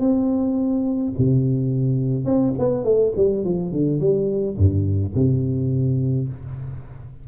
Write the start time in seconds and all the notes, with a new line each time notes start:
0.00 C4
1.18 C3
2.26 C4
2.59 B3
2.85 A3
3.17 G3
3.45 F3
3.72 D3
4.00 G3
4.58 G2
5.16 C3